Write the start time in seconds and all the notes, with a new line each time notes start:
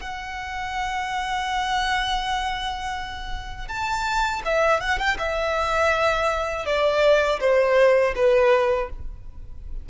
0.00 F#5
3.69 A5
4.45 E5
4.81 F#5
4.99 G5
5.19 E5
6.66 D5
7.41 C5
8.16 B4